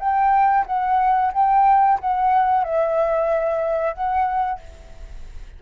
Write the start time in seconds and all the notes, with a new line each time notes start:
0.00 G5
0.67 F#5
1.34 G5
2.01 F#5
2.64 E5
3.94 F#5